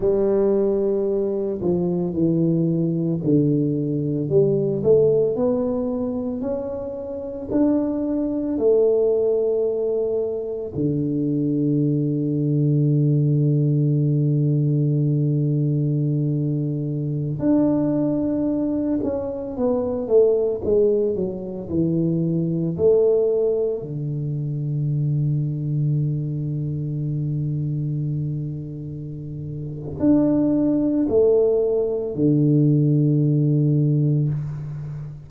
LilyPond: \new Staff \with { instrumentName = "tuba" } { \time 4/4 \tempo 4 = 56 g4. f8 e4 d4 | g8 a8 b4 cis'4 d'4 | a2 d2~ | d1~ |
d16 d'4. cis'8 b8 a8 gis8 fis16~ | fis16 e4 a4 d4.~ d16~ | d1 | d'4 a4 d2 | }